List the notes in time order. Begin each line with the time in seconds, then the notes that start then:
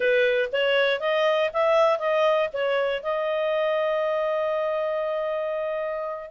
0.00 B4
0.52 C#5
1.00 D#5
1.53 E5
1.98 D#5
2.53 C#5
3.03 D#5